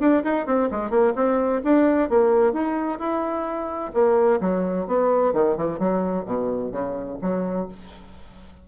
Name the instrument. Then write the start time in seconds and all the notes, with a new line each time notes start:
bassoon
0.00 D4
0.24 D#4
0.47 C4
0.72 G#3
0.90 A#3
1.16 C4
1.64 D4
2.10 A#3
2.53 D#4
2.99 E4
3.94 A#3
4.41 F#3
4.87 B3
5.34 D#3
5.57 E3
5.79 F#3
6.26 B2
6.72 C#3
7.22 F#3